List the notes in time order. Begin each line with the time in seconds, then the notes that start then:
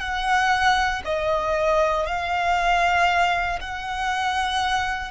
0.00 F#5
1.05 D#5
2.07 F5
3.61 F#5